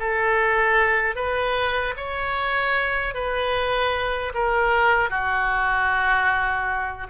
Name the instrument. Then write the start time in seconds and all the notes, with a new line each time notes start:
oboe
0.00 A4
1.16 B4
1.97 C#5
3.14 B4
4.35 A#4
5.10 F#4